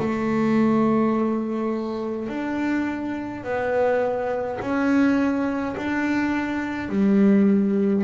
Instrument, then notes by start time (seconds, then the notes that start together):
double bass
0.00 A3
2.29 D4
3.44 B3
4.60 C#4
5.77 D4
6.89 G3